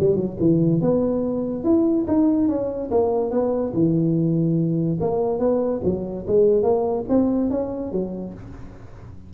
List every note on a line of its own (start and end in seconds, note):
0.00 0.16 G3
0.16 0.37 F#3
0.40 0.82 E3
0.82 1.64 B3
1.64 2.06 E4
2.08 2.49 D#4
2.49 2.91 C#4
2.91 3.31 A#3
3.31 3.73 B3
3.74 4.99 E3
5.01 5.40 A#3
5.40 5.81 B3
5.84 6.26 F#3
6.27 6.63 G#3
6.63 7.05 A#3
7.09 7.51 C4
7.51 7.92 C#4
7.92 8.34 F#3